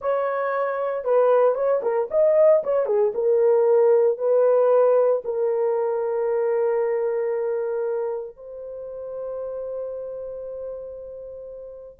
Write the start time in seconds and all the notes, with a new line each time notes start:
0.01 C#5
1.04 B4
1.54 C#5
1.82 A#4
2.10 D#5
2.63 C#5
2.86 G#4
3.14 A#4
4.18 B4
5.24 A#4
8.36 C5